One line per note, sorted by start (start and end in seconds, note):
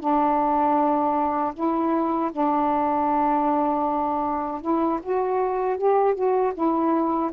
0.00 1.54 D4
1.55 2.31 E4
2.32 4.62 D4
4.62 5.00 E4
5.03 5.78 F#4
5.78 6.15 G4
6.15 6.53 F#4
6.55 7.31 E4